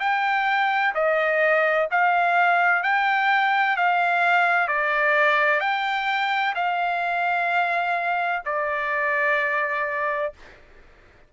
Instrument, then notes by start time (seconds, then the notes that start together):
trumpet
0.00 G5
0.94 D#5
1.91 F5
2.83 G5
3.77 F5
4.67 D5
5.60 G5
6.55 F5
8.45 D5